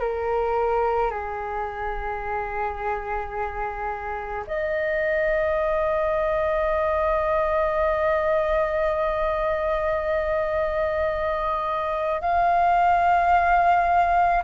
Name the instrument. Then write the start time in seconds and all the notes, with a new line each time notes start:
flute
0.00 A#4
1.11 G#4
4.47 D#5
12.22 F5